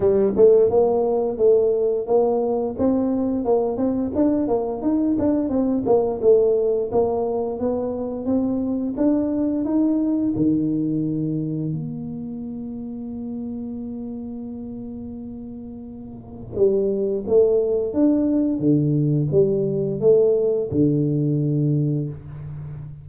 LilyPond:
\new Staff \with { instrumentName = "tuba" } { \time 4/4 \tempo 4 = 87 g8 a8 ais4 a4 ais4 | c'4 ais8 c'8 d'8 ais8 dis'8 d'8 | c'8 ais8 a4 ais4 b4 | c'4 d'4 dis'4 dis4~ |
dis4 ais2.~ | ais1 | g4 a4 d'4 d4 | g4 a4 d2 | }